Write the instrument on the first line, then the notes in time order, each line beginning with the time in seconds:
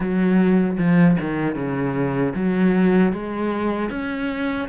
cello
0.00 F#3
0.78 F3
1.20 D#3
1.55 C#3
2.34 F#3
3.12 G#3
3.90 C#4